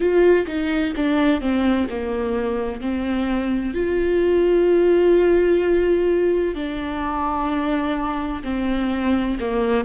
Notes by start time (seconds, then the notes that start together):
0.00 F4
0.46 D#4
0.96 D4
1.40 C4
1.89 A#3
2.80 C4
3.73 F4
6.55 D4
8.43 C4
9.40 A#3